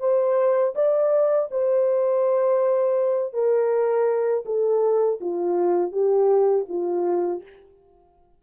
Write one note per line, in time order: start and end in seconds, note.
0.00 0.74 C5
0.75 1.49 D5
1.52 3.34 C5
3.34 4.45 A#4
4.46 5.20 A4
5.21 5.92 F4
5.92 6.66 G4
6.69 7.43 F4